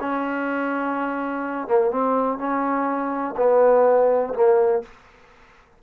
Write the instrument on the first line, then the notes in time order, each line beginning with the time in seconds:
trombone
0.00 C#4
1.67 A#3
1.90 C4
2.38 C#4
3.37 B3
4.34 A#3